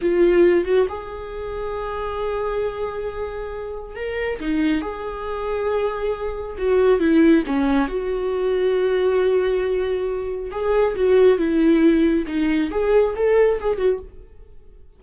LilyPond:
\new Staff \with { instrumentName = "viola" } { \time 4/4 \tempo 4 = 137 f'4. fis'8 gis'2~ | gis'1~ | gis'4 ais'4 dis'4 gis'4~ | gis'2. fis'4 |
e'4 cis'4 fis'2~ | fis'1 | gis'4 fis'4 e'2 | dis'4 gis'4 a'4 gis'8 fis'8 | }